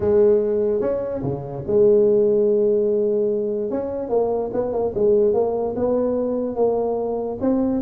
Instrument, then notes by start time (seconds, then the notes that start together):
tuba
0.00 G#3
0.81 C#4
1.22 C#3
1.66 G#3
3.70 C#4
4.09 A#3
4.53 B3
4.73 A#3
4.94 G#3
5.33 A#3
5.76 B3
6.55 A#3
7.40 C4